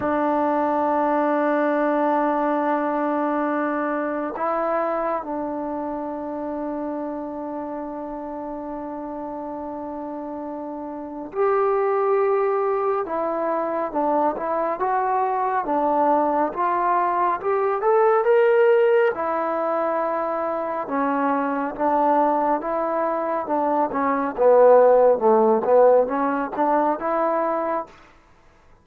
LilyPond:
\new Staff \with { instrumentName = "trombone" } { \time 4/4 \tempo 4 = 69 d'1~ | d'4 e'4 d'2~ | d'1~ | d'4 g'2 e'4 |
d'8 e'8 fis'4 d'4 f'4 | g'8 a'8 ais'4 e'2 | cis'4 d'4 e'4 d'8 cis'8 | b4 a8 b8 cis'8 d'8 e'4 | }